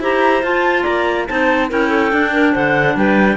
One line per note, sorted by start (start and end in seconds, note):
0.00 0.42 E4
0.00 0.43 G4
0.00 0.83 C5
0.00 0.44 A#5
0.42 0.85 F4
0.42 1.27 F4
0.42 0.84 A5
0.83 1.29 A#3
0.83 1.26 D5
0.83 1.26 A#5
1.27 1.72 C4
1.27 1.69 D#4
1.27 1.70 C5
1.27 1.69 A5
1.69 2.12 C#4
1.69 2.11 E4
1.69 1.89 A#4
1.69 2.55 G5
1.89 2.31 A4
2.12 3.37 D4
2.12 2.55 D4
2.33 2.53 A#4
2.53 2.96 D3
2.53 2.95 C5
2.53 2.97 F#5
2.96 3.37 G3
2.96 3.37 B4
2.96 3.37 G5